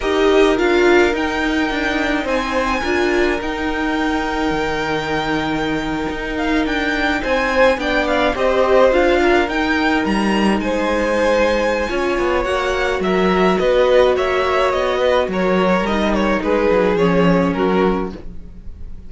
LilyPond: <<
  \new Staff \with { instrumentName = "violin" } { \time 4/4 \tempo 4 = 106 dis''4 f''4 g''2 | gis''2 g''2~ | g''2.~ g''16 f''8 g''16~ | g''8. gis''4 g''8 f''8 dis''4 f''16~ |
f''8. g''4 ais''4 gis''4~ gis''16~ | gis''2 fis''4 e''4 | dis''4 e''4 dis''4 cis''4 | dis''8 cis''8 b'4 cis''4 ais'4 | }
  \new Staff \with { instrumentName = "violin" } { \time 4/4 ais'1 | c''4 ais'2.~ | ais'1~ | ais'8. c''4 d''4 c''4~ c''16~ |
c''16 ais'2~ ais'8 c''4~ c''16~ | c''4 cis''2 ais'4 | b'4 cis''4. b'8 ais'4~ | ais'4 gis'2 fis'4 | }
  \new Staff \with { instrumentName = "viola" } { \time 4/4 g'4 f'4 dis'2~ | dis'4 f'4 dis'2~ | dis'1~ | dis'4.~ dis'16 d'4 g'4 f'16~ |
f'8. dis'2.~ dis'16~ | dis'4 f'4 fis'2~ | fis'1 | dis'2 cis'2 | }
  \new Staff \with { instrumentName = "cello" } { \time 4/4 dis'4 d'4 dis'4 d'4 | c'4 d'4 dis'2 | dis2~ dis8. dis'4 d'16~ | d'8. c'4 b4 c'4 d'16~ |
d'8. dis'4 g4 gis4~ gis16~ | gis4 cis'8 b8 ais4 fis4 | b4 ais4 b4 fis4 | g4 gis8 fis8 f4 fis4 | }
>>